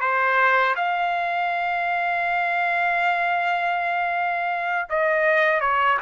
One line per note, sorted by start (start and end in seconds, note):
0.00 0.75 C5
0.76 4.88 F5
4.89 5.60 D#5
5.60 5.98 C#5